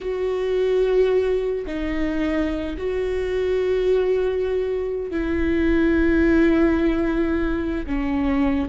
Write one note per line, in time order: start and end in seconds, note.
0.00 1.65 F#4
1.66 2.76 D#4
2.77 5.10 F#4
5.10 7.85 E4
7.86 8.68 C#4